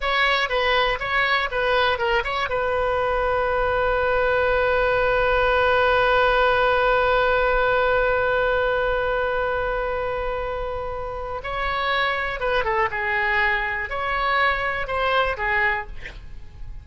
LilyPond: \new Staff \with { instrumentName = "oboe" } { \time 4/4 \tempo 4 = 121 cis''4 b'4 cis''4 b'4 | ais'8 cis''8 b'2.~ | b'1~ | b'1~ |
b'1~ | b'2. cis''4~ | cis''4 b'8 a'8 gis'2 | cis''2 c''4 gis'4 | }